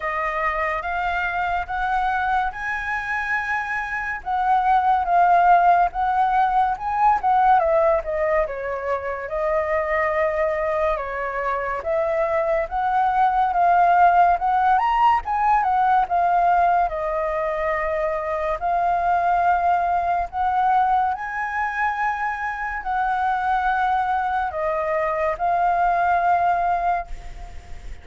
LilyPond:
\new Staff \with { instrumentName = "flute" } { \time 4/4 \tempo 4 = 71 dis''4 f''4 fis''4 gis''4~ | gis''4 fis''4 f''4 fis''4 | gis''8 fis''8 e''8 dis''8 cis''4 dis''4~ | dis''4 cis''4 e''4 fis''4 |
f''4 fis''8 ais''8 gis''8 fis''8 f''4 | dis''2 f''2 | fis''4 gis''2 fis''4~ | fis''4 dis''4 f''2 | }